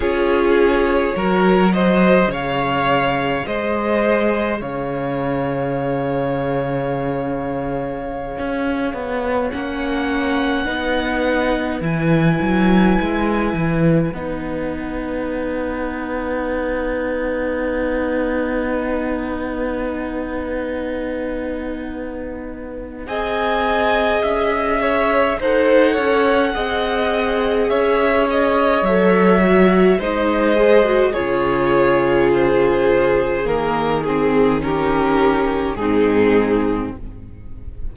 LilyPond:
<<
  \new Staff \with { instrumentName = "violin" } { \time 4/4 \tempo 4 = 52 cis''4. dis''8 f''4 dis''4 | f''1~ | f''16 fis''2 gis''4.~ gis''16~ | gis''16 fis''2.~ fis''8.~ |
fis''1 | gis''4 e''4 fis''2 | e''8 dis''8 e''4 dis''4 cis''4 | c''4 ais'8 gis'8 ais'4 gis'4 | }
  \new Staff \with { instrumentName = "violin" } { \time 4/4 gis'4 ais'8 c''8 cis''4 c''4 | cis''1~ | cis''4~ cis''16 b'2~ b'8.~ | b'1~ |
b'1 | dis''4. cis''8 c''8 cis''8 dis''4 | cis''2 c''4 gis'4~ | gis'2 g'4 dis'4 | }
  \new Staff \with { instrumentName = "viola" } { \time 4/4 f'4 fis'4 gis'2~ | gis'1~ | gis'16 cis'4 dis'4 e'4.~ e'16~ | e'16 dis'2.~ dis'8.~ |
dis'1 | gis'2 a'4 gis'4~ | gis'4 a'8 fis'8 dis'8 gis'16 fis'16 f'4~ | f'4 ais8 c'8 cis'4 c'4 | }
  \new Staff \with { instrumentName = "cello" } { \time 4/4 cis'4 fis4 cis4 gis4 | cis2.~ cis16 cis'8 b16~ | b16 ais4 b4 e8 fis8 gis8 e16~ | e16 b2.~ b8.~ |
b1 | c'4 cis'4 dis'8 cis'8 c'4 | cis'4 fis4 gis4 cis4~ | cis4 dis2 gis,4 | }
>>